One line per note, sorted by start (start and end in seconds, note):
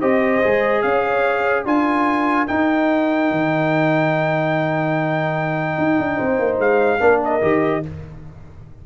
0.00 0.42 C4
0.00 0.42 G4
0.00 0.82 C5
0.00 0.81 D#5
0.42 0.83 G#3
0.42 1.65 G#4
0.81 1.65 C#4
0.81 1.65 C#5
0.81 1.64 F5
1.65 2.47 D4
1.65 2.47 F4
1.65 6.16 A#4
1.65 2.47 G#5
2.47 6.99 D#4
2.47 3.31 D#4
2.47 6.58 G5
3.31 5.77 D#3
5.78 5.98 D#4
5.98 6.19 D4
6.16 6.39 C4
6.16 6.99 C5
6.39 6.58 A#3
6.58 6.99 G#3
6.58 7.21 F5
6.99 7.41 A#3
6.99 7.40 D4
6.99 7.82 A#4
7.24 7.85 D#5
7.41 7.83 D#3
7.41 7.82 G4